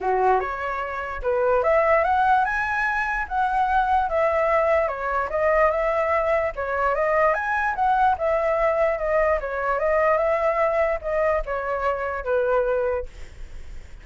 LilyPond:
\new Staff \with { instrumentName = "flute" } { \time 4/4 \tempo 4 = 147 fis'4 cis''2 b'4 | e''4 fis''4 gis''2 | fis''2 e''2 | cis''4 dis''4 e''2 |
cis''4 dis''4 gis''4 fis''4 | e''2 dis''4 cis''4 | dis''4 e''2 dis''4 | cis''2 b'2 | }